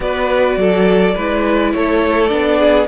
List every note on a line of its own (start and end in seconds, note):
0.00 0.56 B3
0.00 1.16 F#4
0.00 0.59 B4
0.00 1.73 D5
0.56 1.14 F#3
0.56 1.15 A4
1.15 1.74 G#3
1.15 2.29 E4
1.15 1.72 B4
1.73 2.31 A3
1.73 2.59 A4
1.73 2.27 C#5
2.27 2.88 B3
2.27 2.86 D4
2.27 2.85 D5
2.59 2.87 G#4